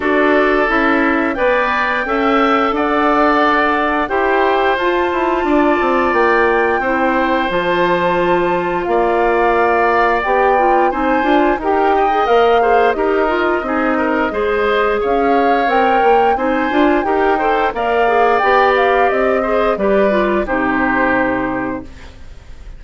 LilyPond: <<
  \new Staff \with { instrumentName = "flute" } { \time 4/4 \tempo 4 = 88 d''4 e''4 g''2 | fis''2 g''4 a''4~ | a''4 g''2 a''4~ | a''4 f''2 g''4 |
gis''4 g''4 f''4 dis''4~ | dis''2 f''4 g''4 | gis''4 g''4 f''4 g''8 f''8 | dis''4 d''4 c''2 | }
  \new Staff \with { instrumentName = "oboe" } { \time 4/4 a'2 d''4 e''4 | d''2 c''2 | d''2 c''2~ | c''4 d''2. |
c''4 ais'8 dis''4 c''8 ais'4 | gis'8 ais'8 c''4 cis''2 | c''4 ais'8 c''8 d''2~ | d''8 c''8 b'4 g'2 | }
  \new Staff \with { instrumentName = "clarinet" } { \time 4/4 fis'4 e'4 b'4 a'4~ | a'2 g'4 f'4~ | f'2 e'4 f'4~ | f'2. g'8 f'8 |
dis'8 f'8 g'8. gis'16 ais'8 gis'8 g'8 f'8 | dis'4 gis'2 ais'4 | dis'8 f'8 g'8 a'8 ais'8 gis'8 g'4~ | g'8 gis'8 g'8 f'8 dis'2 | }
  \new Staff \with { instrumentName = "bassoon" } { \time 4/4 d'4 cis'4 b4 cis'4 | d'2 e'4 f'8 e'8 | d'8 c'8 ais4 c'4 f4~ | f4 ais2 b4 |
c'8 d'8 dis'4 ais4 dis'4 | c'4 gis4 cis'4 c'8 ais8 | c'8 d'8 dis'4 ais4 b4 | c'4 g4 c2 | }
>>